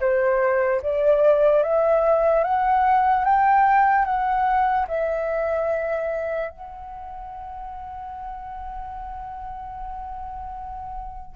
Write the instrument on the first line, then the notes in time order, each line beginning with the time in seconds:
flute
0.00 C5
0.82 D5
1.63 E5
2.43 F#5
3.24 G5
4.05 F#5
4.88 E5
6.50 F#5